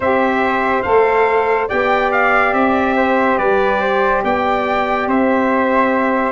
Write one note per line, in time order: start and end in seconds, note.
0.00 0.83 C4
0.00 0.83 G4
0.00 1.68 C5
0.00 0.82 E5
0.82 1.68 A3
0.82 1.68 A4
0.82 1.67 F5
1.68 2.53 B3
1.68 6.31 G4
1.68 2.94 D5
1.68 2.11 G5
2.12 2.53 F5
2.53 3.37 C4
2.53 3.38 E5
2.96 3.38 C5
3.38 4.23 G3
3.38 3.80 B4
3.38 4.22 D5
3.80 4.22 C5
4.23 5.07 B3
4.23 5.08 D5
4.23 5.08 G5
5.07 6.31 C4
5.07 6.31 C5
5.07 6.31 E5